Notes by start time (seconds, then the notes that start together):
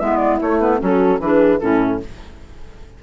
0.00 G#3 B3 E4 E5
0.17 D5
0.42 A3 C#5
0.60 B3 B4
0.80 F#3 C#4 F#4 A4
1.20 E3 D4 G#4 B4
1.60 A2 C#4 E4 A4